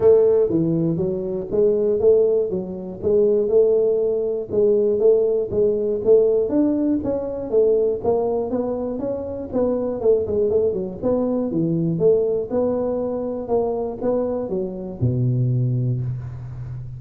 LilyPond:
\new Staff \with { instrumentName = "tuba" } { \time 4/4 \tempo 4 = 120 a4 e4 fis4 gis4 | a4 fis4 gis4 a4~ | a4 gis4 a4 gis4 | a4 d'4 cis'4 a4 |
ais4 b4 cis'4 b4 | a8 gis8 a8 fis8 b4 e4 | a4 b2 ais4 | b4 fis4 b,2 | }